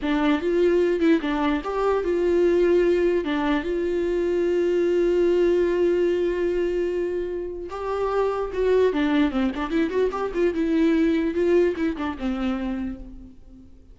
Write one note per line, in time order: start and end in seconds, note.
0.01 0.41 D4
0.41 1.00 F4
1.00 1.20 E4
1.21 1.61 D4
1.64 2.04 G4
2.04 3.24 F4
3.24 3.63 D4
3.63 7.69 F4
7.70 8.51 G4
8.53 8.93 F#4
8.93 9.31 D4
9.31 9.51 C4
9.55 9.70 D4
9.70 9.90 E4
9.90 10.10 F#4
10.11 10.31 G4
10.34 10.54 F4
10.54 11.34 E4
11.34 11.75 F4
11.76 11.96 E4
11.96 12.17 D4
12.18 12.99 C4